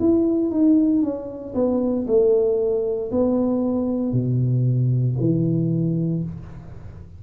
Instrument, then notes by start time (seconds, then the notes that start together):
tuba
0.00 E4
0.51 D#4
1.03 C#4
1.55 B3
2.08 A3
3.12 B3
4.13 B2
5.20 E3